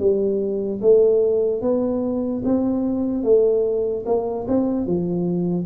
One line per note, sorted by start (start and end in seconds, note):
0.00 0.81 G3
0.82 1.62 A3
1.62 2.43 B3
2.45 3.24 C4
3.24 4.05 A3
4.07 4.47 A#3
4.49 4.87 C4
4.87 5.67 F3